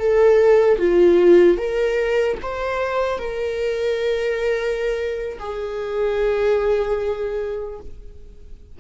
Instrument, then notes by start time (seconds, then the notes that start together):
viola
0.00 A4
0.79 F4
1.58 A#4
2.43 C5
3.19 A#4
5.40 G#4